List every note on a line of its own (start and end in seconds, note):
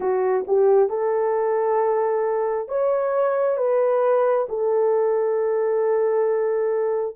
0.00 0.44 F#4
0.47 0.89 G4
0.89 2.68 A4
2.68 3.57 C#5
3.57 4.47 B4
4.49 7.16 A4